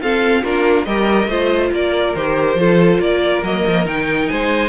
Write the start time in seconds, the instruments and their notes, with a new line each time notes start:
0.00 viola C4, cello F4, violin A4 F5
0.43 cello A#3, viola D4, violin F4 A#4
0.85 cello G3, viola G4, violin A#4 D#5
1.27 cello A3, viola F4, violin C5
1.71 cello A#3, violin A#4 D5
2.15 cello D#3, viola G4, violin C5
2.55 cello F3, viola F4, violin A4
2.99 cello A#3, violin A#4 D5
3.42 cello F#3, viola A#3, violin D#5
3.67 cello F3
3.85 cello D#3, viola D#4, violin G5
4.27 cello G#3, violin C5 G#5